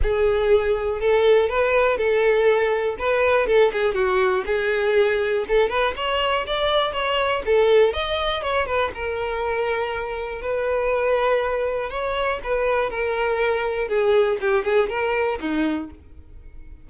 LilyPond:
\new Staff \with { instrumentName = "violin" } { \time 4/4 \tempo 4 = 121 gis'2 a'4 b'4 | a'2 b'4 a'8 gis'8 | fis'4 gis'2 a'8 b'8 | cis''4 d''4 cis''4 a'4 |
dis''4 cis''8 b'8 ais'2~ | ais'4 b'2. | cis''4 b'4 ais'2 | gis'4 g'8 gis'8 ais'4 dis'4 | }